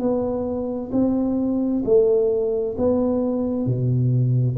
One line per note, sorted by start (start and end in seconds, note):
0.00 0.91 B3
0.93 1.83 C4
1.86 2.76 A3
2.78 3.66 B3
3.66 4.57 B2